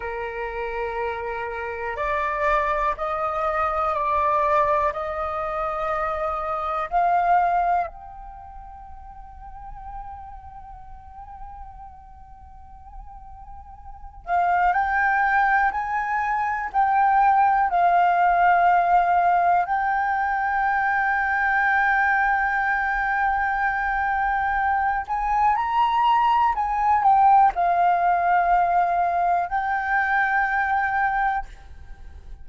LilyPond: \new Staff \with { instrumentName = "flute" } { \time 4/4 \tempo 4 = 61 ais'2 d''4 dis''4 | d''4 dis''2 f''4 | g''1~ | g''2~ g''8 f''8 g''4 |
gis''4 g''4 f''2 | g''1~ | g''4. gis''8 ais''4 gis''8 g''8 | f''2 g''2 | }